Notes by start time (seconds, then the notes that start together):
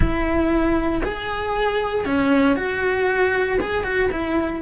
0.00 E4
1.03 G#4
2.05 C#4
2.56 F#4
3.60 G#4
3.83 F#4
4.11 E4